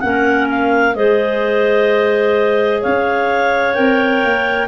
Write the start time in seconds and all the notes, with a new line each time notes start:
0.00 A#3 C#4 A#4 F#5
0.50 F5
0.94 G#3 G#4 C5 D#5
2.81 C#4 C#5 F5
3.75 C4 A#4 G5
4.25 A#3